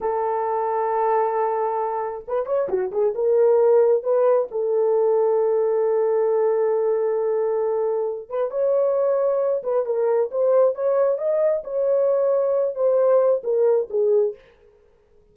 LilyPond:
\new Staff \with { instrumentName = "horn" } { \time 4/4 \tempo 4 = 134 a'1~ | a'4 b'8 cis''8 fis'8 gis'8 ais'4~ | ais'4 b'4 a'2~ | a'1~ |
a'2~ a'8 b'8 cis''4~ | cis''4. b'8 ais'4 c''4 | cis''4 dis''4 cis''2~ | cis''8 c''4. ais'4 gis'4 | }